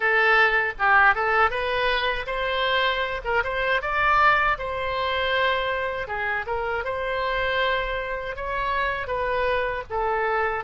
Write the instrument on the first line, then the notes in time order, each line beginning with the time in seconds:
oboe
0.00 A4
0.78 G4
1.14 A4
1.50 B4
2.26 C5
3.24 A#4
3.43 C5
3.81 D5
4.58 C5
6.07 G#4
6.46 A#4
6.84 C5
8.36 C#5
9.07 B4
9.89 A4